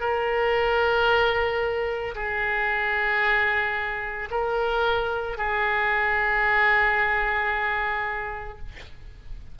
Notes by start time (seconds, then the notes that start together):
0.00 A#4
2.15 G#4
4.31 A#4
5.37 G#4